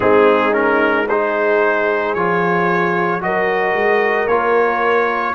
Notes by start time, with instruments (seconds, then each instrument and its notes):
0.00 tuba G#3, trombone C4, horn D#4, trumpet G#4
0.52 trombone C#4, trumpet A#4
1.08 trombone D#4, horn G#4, trumpet C5
2.14 tuba F3, trombone F4, trumpet C#5
3.21 tuba F#3, trombone F#4, horn A#4, trumpet D#5
3.73 tuba G#3
4.27 tuba A#3, trombone F4, trumpet C#5